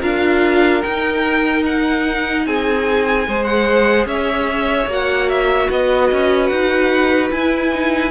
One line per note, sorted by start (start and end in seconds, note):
0.00 0.83 D4
0.00 0.82 F4
0.00 2.43 A#4
0.00 0.82 F5
0.82 2.46 D#4
0.82 3.28 D#4
0.82 1.64 G5
1.66 2.47 F#5
2.46 3.27 C4
2.46 3.28 G#4
2.46 3.44 G#5
3.28 4.06 G#3
3.28 4.89 G#4
3.28 4.08 C5
3.44 4.05 F#5
4.06 4.87 C#4
4.06 5.70 C#5
4.06 4.89 E5
4.87 5.68 A#3
4.87 7.31 F#4
4.87 5.29 F#5
5.29 5.70 E5
5.70 6.11 B3
5.70 8.10 B4
5.70 6.47 D#5
6.12 6.51 C#4
6.47 7.32 D#4
6.47 7.28 F#5
7.31 7.72 E4
7.31 8.10 E4
7.31 8.10 G#5
7.74 8.10 D#4